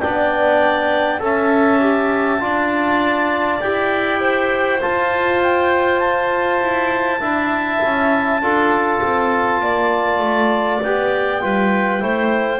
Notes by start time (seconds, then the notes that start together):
0.00 B3 D4 D5 G5
1.20 C#4 A4 E5 A5
1.80 G4
2.41 D4 F4 D5
3.61 E4 G4 G5
4.21 C5
4.81 F4 A5
5.42 G5
5.99 A5
6.61 E4
7.20 D4 E4 E5
7.84 C#4
8.41 D4 F4 A4
9.03 C4
9.60 A#3 D5
10.20 A3
10.83 B3 G4 G5
11.41 G3 F4 B4
12.00 A3 E4 C5